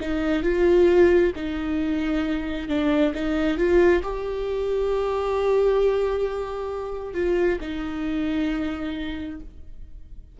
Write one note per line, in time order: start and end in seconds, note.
0.00 0.43 D#4
0.43 1.32 F4
1.35 2.68 D#4
2.68 3.13 D4
3.14 3.57 D#4
3.57 4.02 F4
4.03 7.14 G4
7.14 7.58 F4
7.61 9.40 D#4